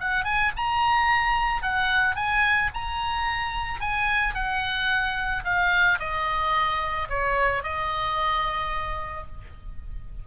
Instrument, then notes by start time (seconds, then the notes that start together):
oboe
0.00 F#5
0.25 G#5
0.57 A#5
1.62 F#5
2.16 G#5
2.74 A#5
3.81 G#5
4.35 F#5
5.44 F5
6.00 D#5
7.10 C#5
7.63 D#5